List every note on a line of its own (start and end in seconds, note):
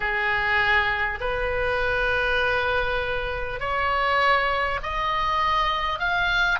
0.00 1.19 G#4
1.20 3.59 B4
3.59 4.79 C#5
4.83 5.99 D#5
5.99 6.59 F5